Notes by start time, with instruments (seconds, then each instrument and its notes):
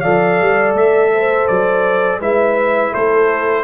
0.00 tuba F3, trombone A4, horn D5, trumpet F5
0.41 tuba G3
0.73 tuba A3, trumpet E5
1.13 horn C5
1.47 tuba F#3, trumpet D5
2.20 tuba G#3, trombone E4, horn B4, trumpet E5
2.92 tuba A3, horn A4, trumpet C5